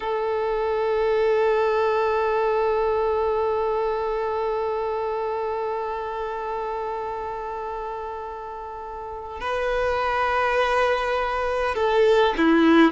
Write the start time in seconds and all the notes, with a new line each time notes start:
0.00 A4
9.40 B4
11.74 A4
12.37 E4